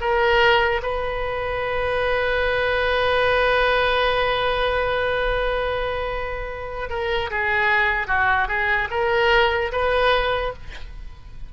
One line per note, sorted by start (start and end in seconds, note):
0.00 0.81 A#4
0.82 6.89 B4
6.89 7.30 A#4
7.30 8.07 G#4
8.07 8.48 F#4
8.48 8.88 G#4
8.90 9.71 A#4
9.71 10.53 B4